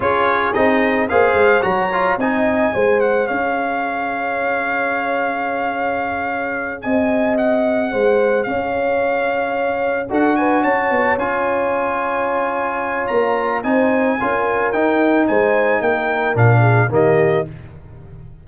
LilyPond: <<
  \new Staff \with { instrumentName = "trumpet" } { \time 4/4 \tempo 4 = 110 cis''4 dis''4 f''4 ais''4 | gis''4. fis''8 f''2~ | f''1~ | f''8 gis''4 fis''2 f''8~ |
f''2~ f''8 fis''8 gis''8 a''8~ | a''8 gis''2.~ gis''8 | ais''4 gis''2 g''4 | gis''4 g''4 f''4 dis''4 | }
  \new Staff \with { instrumentName = "horn" } { \time 4/4 gis'2 c''4 cis''4 | dis''4 c''4 cis''2~ | cis''1~ | cis''8 dis''2 c''4 cis''8~ |
cis''2~ cis''8 a'8 b'8 cis''8~ | cis''1~ | cis''4 c''4 ais'2 | c''4 ais'4. gis'8 g'4 | }
  \new Staff \with { instrumentName = "trombone" } { \time 4/4 f'4 dis'4 gis'4 fis'8 f'8 | dis'4 gis'2.~ | gis'1~ | gis'1~ |
gis'2~ gis'8 fis'4.~ | fis'8 f'2.~ f'8~ | f'4 dis'4 f'4 dis'4~ | dis'2 d'4 ais4 | }
  \new Staff \with { instrumentName = "tuba" } { \time 4/4 cis'4 c'4 ais8 gis8 fis4 | c'4 gis4 cis'2~ | cis'1~ | cis'8 c'2 gis4 cis'8~ |
cis'2~ cis'8 d'4 cis'8 | b8 cis'2.~ cis'8 | ais4 c'4 cis'4 dis'4 | gis4 ais4 ais,4 dis4 | }
>>